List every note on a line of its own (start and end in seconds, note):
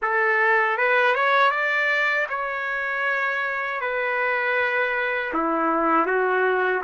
0.02 0.77 A4
0.77 1.14 B4
1.14 1.50 C#5
1.50 2.26 D5
2.29 3.80 C#5
3.80 5.32 B4
5.33 6.06 E4
6.06 6.82 F#4